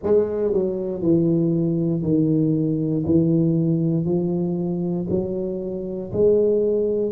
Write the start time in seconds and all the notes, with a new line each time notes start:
0.03 G#3
0.53 F#3
1.02 E3
2.02 D#3
3.06 E3
4.04 F3
5.10 F#3
6.12 G#3